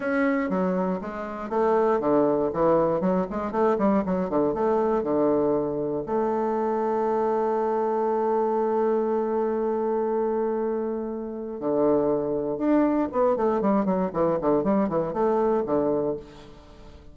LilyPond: \new Staff \with { instrumentName = "bassoon" } { \time 4/4 \tempo 4 = 119 cis'4 fis4 gis4 a4 | d4 e4 fis8 gis8 a8 g8 | fis8 d8 a4 d2 | a1~ |
a1~ | a2. d4~ | d4 d'4 b8 a8 g8 fis8 | e8 d8 g8 e8 a4 d4 | }